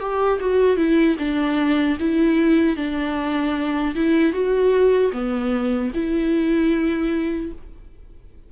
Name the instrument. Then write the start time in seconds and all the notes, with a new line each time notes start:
viola
0.00 G4
0.40 F#4
0.77 E4
1.19 D4
2.00 E4
2.76 D4
3.95 E4
4.33 F#4
5.12 B3
5.94 E4